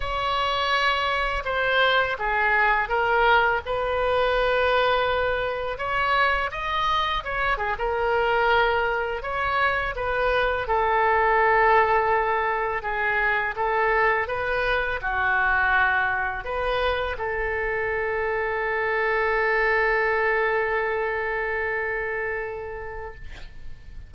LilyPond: \new Staff \with { instrumentName = "oboe" } { \time 4/4 \tempo 4 = 83 cis''2 c''4 gis'4 | ais'4 b'2. | cis''4 dis''4 cis''8 gis'16 ais'4~ ais'16~ | ais'8. cis''4 b'4 a'4~ a'16~ |
a'4.~ a'16 gis'4 a'4 b'16~ | b'8. fis'2 b'4 a'16~ | a'1~ | a'1 | }